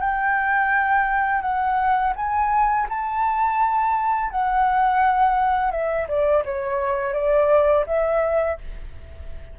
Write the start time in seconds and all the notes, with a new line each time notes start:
0.00 G5
1.42 F#5
2.16 G#5
2.89 A5
4.31 F#5
5.71 E5
6.08 D5
6.45 C#5
7.14 D5
7.86 E5